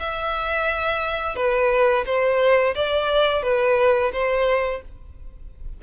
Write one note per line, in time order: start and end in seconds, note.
0.00 1.36 E5
1.36 2.05 B4
2.06 2.75 C5
2.75 3.43 D5
3.43 4.12 B4
4.13 4.82 C5